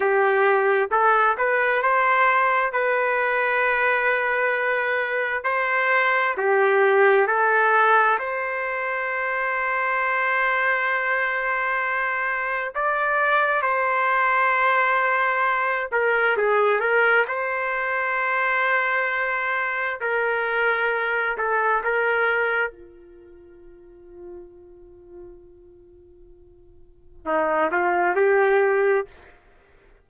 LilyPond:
\new Staff \with { instrumentName = "trumpet" } { \time 4/4 \tempo 4 = 66 g'4 a'8 b'8 c''4 b'4~ | b'2 c''4 g'4 | a'4 c''2.~ | c''2 d''4 c''4~ |
c''4. ais'8 gis'8 ais'8 c''4~ | c''2 ais'4. a'8 | ais'4 f'2.~ | f'2 dis'8 f'8 g'4 | }